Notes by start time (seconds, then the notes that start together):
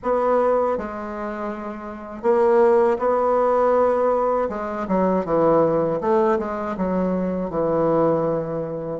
0.02 B3
0.77 G#3
2.22 A#3
2.99 B3
4.49 G#3
4.88 F#3
5.25 E3
6.00 A3
6.38 G#3
6.77 F#3
7.50 E3